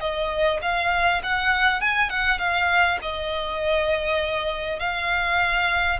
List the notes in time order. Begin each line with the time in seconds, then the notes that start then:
0.00 D#5
0.62 F5
1.23 F#5
1.81 G#5
2.10 F#5
2.39 F5
3.02 D#5
4.79 F5